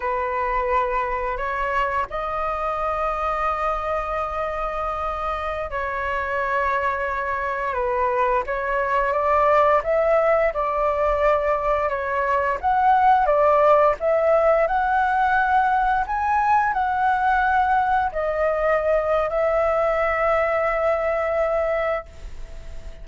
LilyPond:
\new Staff \with { instrumentName = "flute" } { \time 4/4 \tempo 4 = 87 b'2 cis''4 dis''4~ | dis''1~ | dis''16 cis''2. b'8.~ | b'16 cis''4 d''4 e''4 d''8.~ |
d''4~ d''16 cis''4 fis''4 d''8.~ | d''16 e''4 fis''2 gis''8.~ | gis''16 fis''2 dis''4.~ dis''16 | e''1 | }